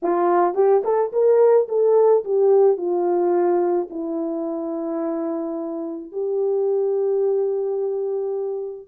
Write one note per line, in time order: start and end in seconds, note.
0.02 0.54 F4
0.54 0.82 G4
0.84 1.11 A4
1.12 1.67 A#4
1.68 2.23 A4
2.24 2.77 G4
2.77 3.88 F4
3.90 6.12 E4
6.12 8.88 G4